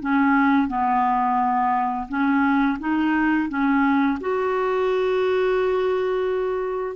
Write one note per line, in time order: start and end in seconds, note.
0.00 0.68 C#4
0.68 2.07 B3
2.08 2.78 C#4
2.79 3.49 D#4
3.49 4.18 C#4
4.20 6.96 F#4